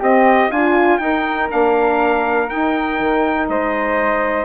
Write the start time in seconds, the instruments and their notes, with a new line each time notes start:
0.00 bassoon C4, saxophone C4, flute G4, trumpet D#5
0.49 bassoon D4, saxophone F4, flute F4, trumpet G#5
0.99 bassoon D#4, saxophone D#4, flute A#4, trumpet G5
1.49 bassoon A#3, saxophone D4, trumpet F5
2.48 saxophone D#4, bassoon D#4, trumpet G5
3.00 bassoon D#3
3.49 bassoon G#3, flute C5, trumpet D#5